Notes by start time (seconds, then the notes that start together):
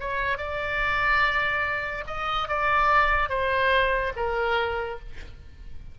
0.00 C#5
0.38 D5
2.07 D#5
2.48 D5
3.30 C5
4.16 A#4